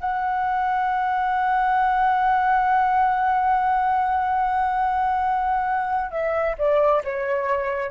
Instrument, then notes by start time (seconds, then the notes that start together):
flute
0.00 F#5
6.11 E5
6.58 D5
7.04 C#5